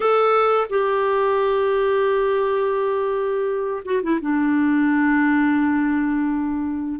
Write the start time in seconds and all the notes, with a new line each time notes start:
0.00 A4
0.69 G4
3.84 F#4
4.02 E4
4.21 D4